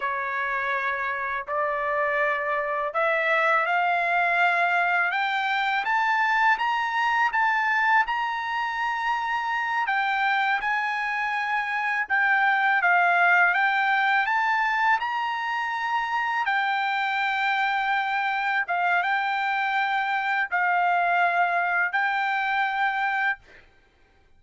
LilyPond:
\new Staff \with { instrumentName = "trumpet" } { \time 4/4 \tempo 4 = 82 cis''2 d''2 | e''4 f''2 g''4 | a''4 ais''4 a''4 ais''4~ | ais''4. g''4 gis''4.~ |
gis''8 g''4 f''4 g''4 a''8~ | a''8 ais''2 g''4.~ | g''4. f''8 g''2 | f''2 g''2 | }